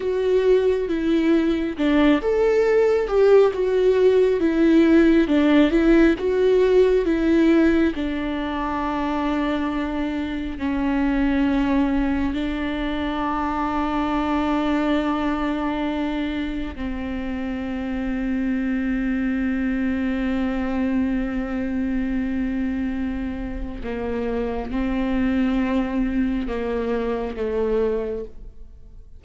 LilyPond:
\new Staff \with { instrumentName = "viola" } { \time 4/4 \tempo 4 = 68 fis'4 e'4 d'8 a'4 g'8 | fis'4 e'4 d'8 e'8 fis'4 | e'4 d'2. | cis'2 d'2~ |
d'2. c'4~ | c'1~ | c'2. ais4 | c'2 ais4 a4 | }